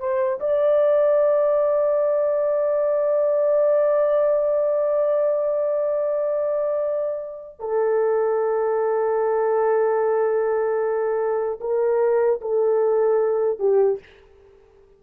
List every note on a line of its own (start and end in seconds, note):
0.00 0.40 C5
0.40 7.60 D5
7.60 11.60 A4
11.61 12.41 A#4
12.41 13.59 A4
13.59 13.99 G4